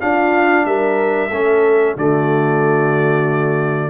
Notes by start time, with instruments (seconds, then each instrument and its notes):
0.00 trombone D4, tuba D4, horn F4, trumpet F5
0.65 tuba G3, horn A#4, trumpet E5
1.29 tuba A3, trombone C#4, horn A4
1.97 tuba D3, trombone A3, horn F#4, trumpet D5